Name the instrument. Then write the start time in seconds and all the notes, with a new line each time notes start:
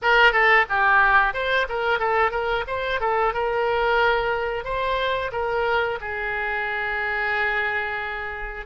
oboe
0.02 A#4
0.32 A4
0.68 G4
1.33 C5
1.68 A#4
1.99 A4
2.31 A#4
2.67 C5
3.00 A4
3.33 A#4
4.64 C5
5.32 A#4
6.01 G#4